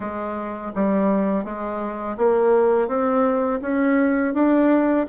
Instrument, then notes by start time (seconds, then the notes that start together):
bassoon
0.00 G#3
0.75 G3
1.44 G#3
2.17 A#3
2.88 C4
3.61 C#4
4.34 D4